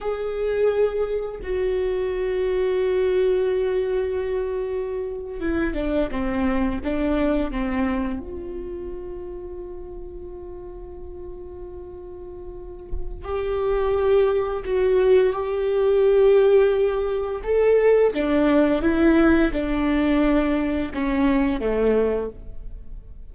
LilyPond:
\new Staff \with { instrumentName = "viola" } { \time 4/4 \tempo 4 = 86 gis'2 fis'2~ | fis'2.~ fis'8. e'16~ | e'16 d'8 c'4 d'4 c'4 f'16~ | f'1~ |
f'2. g'4~ | g'4 fis'4 g'2~ | g'4 a'4 d'4 e'4 | d'2 cis'4 a4 | }